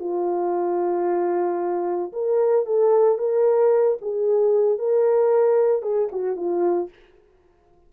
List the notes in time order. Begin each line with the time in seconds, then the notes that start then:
0.00 F4
2.13 A#4
2.66 A4
3.18 A#4
4.02 G#4
4.79 A#4
5.82 G#4
6.12 F#4
6.36 F4